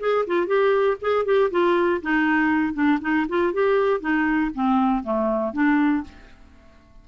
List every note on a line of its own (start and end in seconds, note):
0.00 0.25 G#4
0.27 0.47 F4
0.47 0.97 G4
1.01 1.25 G#4
1.25 1.50 G4
1.51 2.01 F4
2.02 2.74 D#4
2.74 2.99 D4
3.01 3.27 D#4
3.29 3.53 F4
3.53 4.01 G4
4.01 4.51 D#4
4.55 5.04 C4
5.04 5.53 A3
5.53 6.04 D4